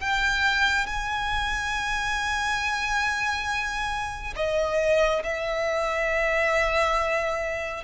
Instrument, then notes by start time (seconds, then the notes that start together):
violin
0.00 G5
0.86 G#5
4.36 D#5
5.23 E5